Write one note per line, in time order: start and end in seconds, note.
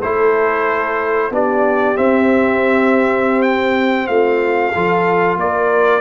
0.00 1.30 A3
0.00 1.32 E4
0.00 1.30 A4
0.00 1.32 C5
1.30 1.96 B3
1.30 1.96 D4
1.30 4.10 G4
1.30 1.97 D5
1.96 4.73 C4
1.96 4.08 C4
1.96 3.42 E5
3.42 4.07 G5
4.07 4.74 A3
4.07 4.73 F4
4.07 5.38 F5
4.73 5.37 F3
4.73 6.01 F4
4.73 5.38 A4
5.37 6.01 A#3
5.37 6.01 A#4
5.37 6.01 D5